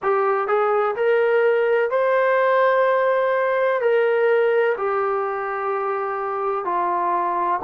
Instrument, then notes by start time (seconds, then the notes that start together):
trombone
0.02 G4
0.47 G#4
0.95 A#4
1.90 C5
3.81 A#4
4.77 G4
6.65 F4